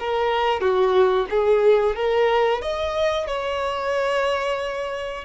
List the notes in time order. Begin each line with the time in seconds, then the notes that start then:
0.00 A#4
0.61 F#4
1.30 G#4
1.96 A#4
2.62 D#5
3.27 C#5